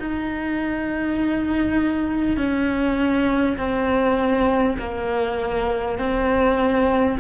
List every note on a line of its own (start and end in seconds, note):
0.00 2.37 D#4
2.37 3.57 C#4
3.58 4.78 C4
4.79 5.99 A#3
5.99 7.19 C4